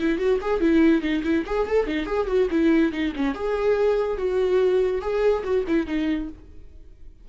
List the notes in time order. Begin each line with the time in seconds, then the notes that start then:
0.00 E4
0.18 F#4
0.41 G#4
0.61 E4
1.02 D#4
1.24 E4
1.46 G#4
1.67 A4
1.87 D#4
2.06 G#4
2.27 F#4
2.51 E4
2.93 D#4
3.16 C#4
3.35 G#4
4.17 F#4
5.01 G#4
5.44 F#4
5.67 E4
5.87 D#4